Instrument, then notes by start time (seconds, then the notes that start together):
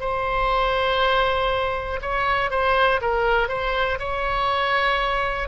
oboe
0.00 C5
2.01 C#5
2.50 C5
3.01 A#4
3.48 C5
3.99 C#5